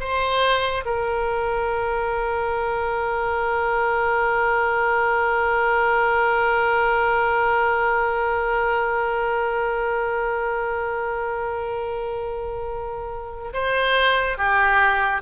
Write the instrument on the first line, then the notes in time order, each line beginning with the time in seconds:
oboe
0.00 C5
0.85 A#4
13.53 C5
14.38 G4